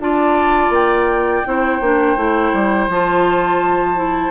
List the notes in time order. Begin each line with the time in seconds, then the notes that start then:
0.00 D4 F4 D5 A5
0.70 A#3 G5
1.46 C4 E4 C5
1.81 A#3 D4
2.17 A3 E4
2.53 G3
2.88 F3 F4 A5
3.95 E4